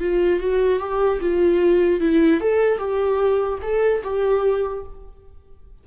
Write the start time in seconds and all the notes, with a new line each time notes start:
0.00 F4
0.39 F#4
0.79 G4
1.20 F4
2.00 E4
2.40 A4
2.78 G4
3.62 A4
4.03 G4